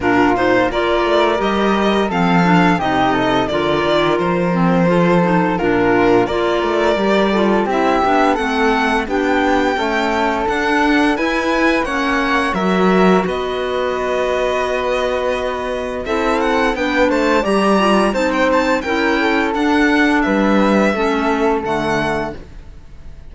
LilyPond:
<<
  \new Staff \with { instrumentName = "violin" } { \time 4/4 \tempo 4 = 86 ais'8 c''8 d''4 dis''4 f''4 | dis''4 d''4 c''2 | ais'4 d''2 e''4 | fis''4 g''2 fis''4 |
gis''4 fis''4 e''4 dis''4~ | dis''2. e''8 fis''8 | g''8 a''8 ais''4 a''16 g''16 a''8 g''4 | fis''4 e''2 fis''4 | }
  \new Staff \with { instrumentName = "flute" } { \time 4/4 f'4 ais'2 a'4 | g'8 a'8 ais'2 a'4 | f'4 ais'4. a'8 g'4 | a'4 g'4 a'2 |
b'4 cis''4 ais'4 b'4~ | b'2. a'4 | b'8 c''8 d''4 c''4 ais'8 a'8~ | a'4 b'4 a'2 | }
  \new Staff \with { instrumentName = "clarinet" } { \time 4/4 d'8 dis'8 f'4 g'4 c'8 d'8 | dis'4 f'4. c'8 f'8 dis'8 | d'4 f'4 g'8 f'8 e'8 d'8 | c'4 d'4 a4 d'4 |
e'4 cis'4 fis'2~ | fis'2. e'4 | d'4 g'8 f'8 dis'4 e'4 | d'2 cis'4 a4 | }
  \new Staff \with { instrumentName = "cello" } { \time 4/4 ais,4 ais8 a8 g4 f4 | c4 d8 dis8 f2 | ais,4 ais8 a8 g4 c'8 b8 | a4 b4 cis'4 d'4 |
e'4 ais4 fis4 b4~ | b2. c'4 | b8 a8 g4 c'4 cis'4 | d'4 g4 a4 d4 | }
>>